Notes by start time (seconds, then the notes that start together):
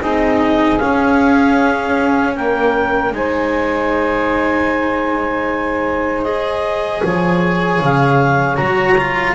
0.00 C4 D#4 G#4 D#5
0.79 C#4 F5
2.36 A#3 A#4 G5
3.12 G#3 D#4 C5 G#5
6.23 G#4 D#5
7.03 F3 C#5 G#5
7.81 C#3 F5
8.56 F#3 F#4 A#5
8.98 F4